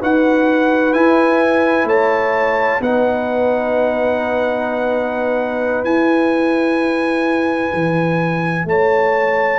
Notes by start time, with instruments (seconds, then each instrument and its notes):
0.00 tuba D#4, trombone F#4, horn B4, trumpet F#5
0.93 trombone E4, tuba E4, trumpet G#5
1.84 tuba A3, horn C#5, trumpet A5
2.80 tuba B3, trombone D#4, horn B4, trumpet F#5
5.84 tuba E4, trombone E4, trumpet G#5
7.74 tuba E3
8.65 tuba A3, horn C#5, trumpet A5